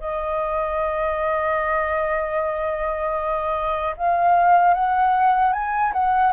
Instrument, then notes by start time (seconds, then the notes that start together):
flute
0.00 D#5
3.97 F5
4.74 F#5
5.53 G#5
5.93 F#5